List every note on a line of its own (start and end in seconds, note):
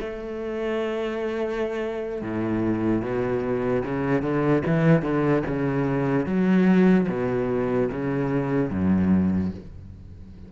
0.00 2.22 A3
2.22 3.02 A2
3.02 3.83 B2
3.85 4.22 C#3
4.22 4.63 D3
4.67 5.02 E3
5.02 5.43 D3
5.47 6.27 C#3
6.27 7.08 F#3
7.08 7.89 B2
7.91 8.71 C#3
8.71 9.52 F#2